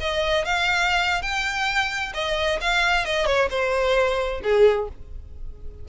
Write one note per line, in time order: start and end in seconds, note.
0.00 0.45 D#5
0.45 1.22 F5
1.22 2.13 G5
2.14 2.60 D#5
2.61 3.05 F5
3.05 3.26 D#5
3.26 3.49 C#5
3.50 4.41 C5
4.43 4.88 G#4